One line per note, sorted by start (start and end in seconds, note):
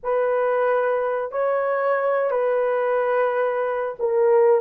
0.03 1.31 B4
1.31 2.30 C#5
2.30 3.95 B4
3.99 4.61 A#4